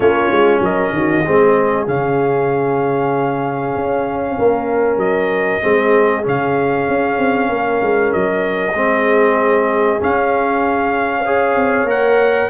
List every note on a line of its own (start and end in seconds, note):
0.00 0.30 A#3
0.00 1.24 C#4
0.00 0.62 F4
0.00 0.62 C#5
0.31 0.60 G#3
0.60 0.91 F#3
0.60 0.94 A#4
0.60 1.87 D#5
0.92 1.23 D#3
0.92 1.26 F#4
1.25 1.87 G#3
1.25 1.86 C4
1.25 4.38 G#4
1.86 3.75 C#3
1.86 5.61 C#4
1.86 4.99 F5
3.75 4.38 C#4
4.38 4.96 A#3
4.38 5.62 A#4
4.96 5.59 F#3
4.96 6.24 D#5
5.62 6.26 G#3
5.62 6.22 C4
5.62 7.49 G#4
6.22 6.88 C#3
6.22 8.72 C#4
6.22 8.12 F5
6.88 7.18 C#4
7.18 7.49 C4
7.49 7.80 A#3
7.49 8.76 A#4
7.81 8.12 G#3
8.12 8.74 F#3
8.12 10.00 D#5
8.74 9.99 G#3
8.74 9.99 C4
8.74 11.24 G#4
9.99 11.24 C#4
9.99 11.56 C#4
9.99 11.90 F5
11.24 11.87 G#4
11.24 12.49 C#5
11.56 11.83 C4
11.83 12.46 A#3
11.83 12.49 A#4
11.90 12.50 F#5